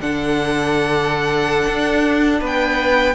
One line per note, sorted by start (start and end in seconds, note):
0.00 1.67 D3
0.00 3.15 D4
0.00 2.41 A4
0.00 2.42 F#5
1.67 2.41 D4
2.41 3.15 B3
2.41 3.15 B4
2.41 3.15 G5